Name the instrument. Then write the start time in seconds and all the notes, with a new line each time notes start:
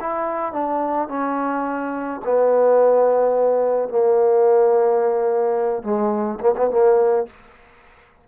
trombone
0.00 E4
0.52 D4
1.08 C#4
2.25 B3
3.89 A#3
5.82 G#3
6.40 A#3
6.56 B3
6.70 A#3